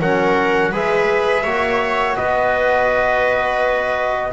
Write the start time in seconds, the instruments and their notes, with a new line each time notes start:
0.00 double bass F#3, trombone C#4, viola A#4, trumpet F#5
0.72 double bass G#3, trombone G#4, viola B4, trumpet E5
1.44 double bass A#3, trombone F#4, viola C#5
2.16 double bass B3, viola B4, trumpet D#5